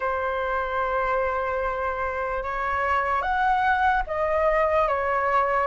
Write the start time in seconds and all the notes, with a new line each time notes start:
0.00 C5
2.43 C#5
3.21 F#5
4.07 D#5
4.88 C#5